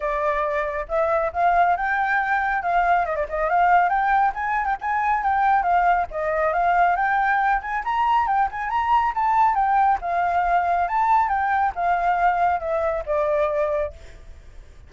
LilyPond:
\new Staff \with { instrumentName = "flute" } { \time 4/4 \tempo 4 = 138 d''2 e''4 f''4 | g''2 f''4 dis''16 d''16 dis''8 | f''4 g''4 gis''8. g''16 gis''4 | g''4 f''4 dis''4 f''4 |
g''4. gis''8 ais''4 g''8 gis''8 | ais''4 a''4 g''4 f''4~ | f''4 a''4 g''4 f''4~ | f''4 e''4 d''2 | }